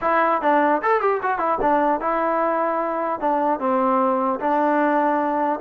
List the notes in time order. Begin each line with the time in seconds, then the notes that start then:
0.01 E4
0.41 D4
0.82 A4
1.01 G4
1.22 F#4
1.38 E4
1.61 D4
2.00 E4
3.20 D4
3.59 C4
4.39 D4